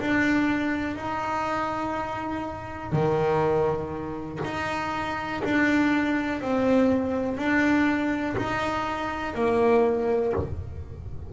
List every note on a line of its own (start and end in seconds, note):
0.00 0.96 D4
0.96 2.92 D#4
2.92 4.40 D#3
4.44 5.43 D#4
5.44 6.42 D4
6.42 7.37 C4
7.37 8.36 D4
8.37 9.34 D#4
9.34 10.33 A#3